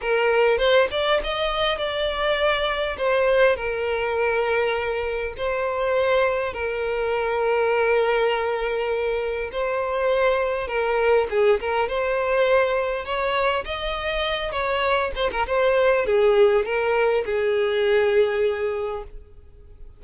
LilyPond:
\new Staff \with { instrumentName = "violin" } { \time 4/4 \tempo 4 = 101 ais'4 c''8 d''8 dis''4 d''4~ | d''4 c''4 ais'2~ | ais'4 c''2 ais'4~ | ais'1 |
c''2 ais'4 gis'8 ais'8 | c''2 cis''4 dis''4~ | dis''8 cis''4 c''16 ais'16 c''4 gis'4 | ais'4 gis'2. | }